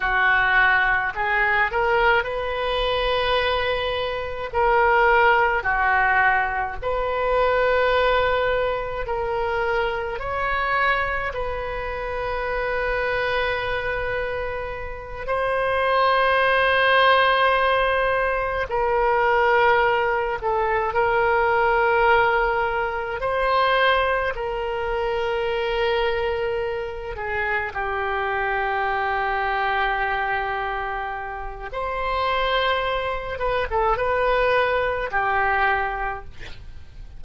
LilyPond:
\new Staff \with { instrumentName = "oboe" } { \time 4/4 \tempo 4 = 53 fis'4 gis'8 ais'8 b'2 | ais'4 fis'4 b'2 | ais'4 cis''4 b'2~ | b'4. c''2~ c''8~ |
c''8 ais'4. a'8 ais'4.~ | ais'8 c''4 ais'2~ ais'8 | gis'8 g'2.~ g'8 | c''4. b'16 a'16 b'4 g'4 | }